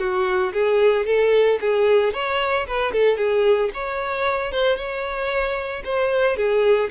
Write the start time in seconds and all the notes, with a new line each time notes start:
0.00 F#4
0.53 G#4
1.06 A4
1.61 G#4
2.14 C#5
2.67 B4
2.93 A4
3.18 G#4
3.74 C#5
4.52 C5
4.77 C#5
5.85 C5
6.37 G#4